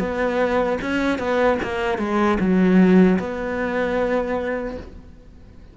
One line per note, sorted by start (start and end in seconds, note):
0.00 0.79 B3
0.82 1.19 C#4
1.19 1.58 B3
1.63 1.99 A#3
1.99 2.38 G#3
2.40 3.19 F#3
3.19 4.77 B3